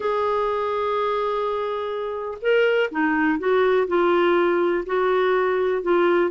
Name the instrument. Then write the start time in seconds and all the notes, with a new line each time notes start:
clarinet
0.00 G#4
2.41 A#4
2.91 D#4
3.38 F#4
3.87 F4
4.86 F#4
5.82 F4